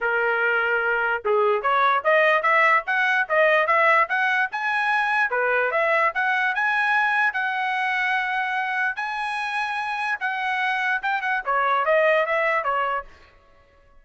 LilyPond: \new Staff \with { instrumentName = "trumpet" } { \time 4/4 \tempo 4 = 147 ais'2. gis'4 | cis''4 dis''4 e''4 fis''4 | dis''4 e''4 fis''4 gis''4~ | gis''4 b'4 e''4 fis''4 |
gis''2 fis''2~ | fis''2 gis''2~ | gis''4 fis''2 g''8 fis''8 | cis''4 dis''4 e''4 cis''4 | }